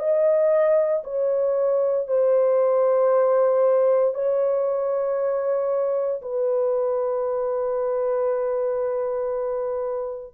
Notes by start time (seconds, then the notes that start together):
0.00 D#5
1.04 C#5
2.08 C5
4.15 C#5
6.23 B4